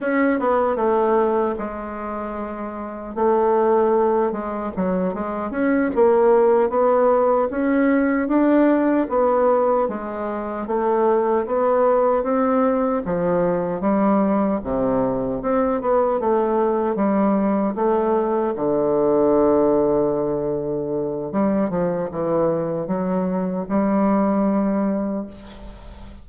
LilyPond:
\new Staff \with { instrumentName = "bassoon" } { \time 4/4 \tempo 4 = 76 cis'8 b8 a4 gis2 | a4. gis8 fis8 gis8 cis'8 ais8~ | ais8 b4 cis'4 d'4 b8~ | b8 gis4 a4 b4 c'8~ |
c'8 f4 g4 c4 c'8 | b8 a4 g4 a4 d8~ | d2. g8 f8 | e4 fis4 g2 | }